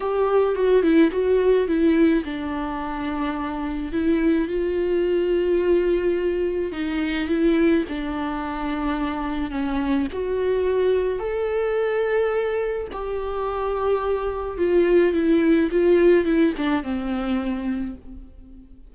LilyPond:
\new Staff \with { instrumentName = "viola" } { \time 4/4 \tempo 4 = 107 g'4 fis'8 e'8 fis'4 e'4 | d'2. e'4 | f'1 | dis'4 e'4 d'2~ |
d'4 cis'4 fis'2 | a'2. g'4~ | g'2 f'4 e'4 | f'4 e'8 d'8 c'2 | }